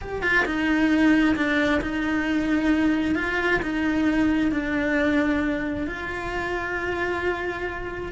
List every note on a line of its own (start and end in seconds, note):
0.01 0.22 G4
0.22 0.44 F4
0.45 1.35 D#4
1.35 1.80 D4
1.81 3.15 D#4
3.15 3.60 F4
3.62 4.51 D#4
4.51 5.86 D4
5.86 8.12 F4